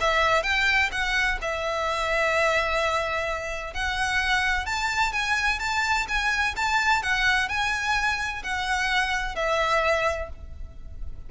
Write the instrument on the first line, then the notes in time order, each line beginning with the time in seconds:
violin
0.00 E5
0.43 G5
0.92 F#5
1.41 E5
3.74 F#5
4.66 A5
5.12 G#5
5.59 A5
6.08 G#5
6.56 A5
7.02 F#5
7.49 G#5
8.43 F#5
9.35 E5